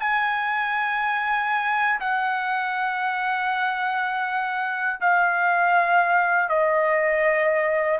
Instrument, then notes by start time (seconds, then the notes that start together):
trumpet
0.00 G#5
2.00 F#5
5.00 F5
6.49 D#5